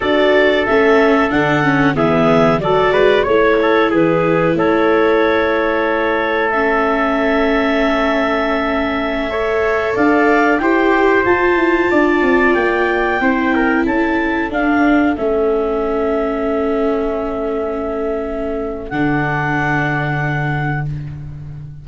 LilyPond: <<
  \new Staff \with { instrumentName = "clarinet" } { \time 4/4 \tempo 4 = 92 d''4 e''4 fis''4 e''4 | d''4 cis''4 b'4 cis''4~ | cis''2 e''2~ | e''2.~ e''16 f''8.~ |
f''16 g''4 a''2 g''8.~ | g''4~ g''16 a''4 f''4 e''8.~ | e''1~ | e''4 fis''2. | }
  \new Staff \with { instrumentName = "trumpet" } { \time 4/4 a'2. gis'4 | a'8 b'8 cis''8 a'8 gis'4 a'4~ | a'1~ | a'2~ a'16 cis''4 d''8.~ |
d''16 c''2 d''4.~ d''16~ | d''16 c''8 ais'8 a'2~ a'8.~ | a'1~ | a'1 | }
  \new Staff \with { instrumentName = "viola" } { \time 4/4 fis'4 cis'4 d'8 cis'8 b4 | fis'4 e'2.~ | e'2 cis'2~ | cis'2~ cis'16 a'4.~ a'16~ |
a'16 g'4 f'2~ f'8.~ | f'16 e'2 d'4 cis'8.~ | cis'1~ | cis'4 d'2. | }
  \new Staff \with { instrumentName = "tuba" } { \time 4/4 d'4 a4 d4 e4 | fis8 gis8 a4 e4 a4~ | a1~ | a2.~ a16 d'8.~ |
d'16 e'4 f'8 e'8 d'8 c'8 ais8.~ | ais16 c'4 cis'4 d'4 a8.~ | a1~ | a4 d2. | }
>>